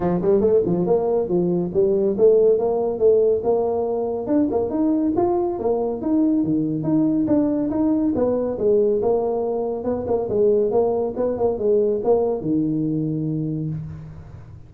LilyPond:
\new Staff \with { instrumentName = "tuba" } { \time 4/4 \tempo 4 = 140 f8 g8 a8 f8 ais4 f4 | g4 a4 ais4 a4 | ais2 d'8 ais8 dis'4 | f'4 ais4 dis'4 dis4 |
dis'4 d'4 dis'4 b4 | gis4 ais2 b8 ais8 | gis4 ais4 b8 ais8 gis4 | ais4 dis2. | }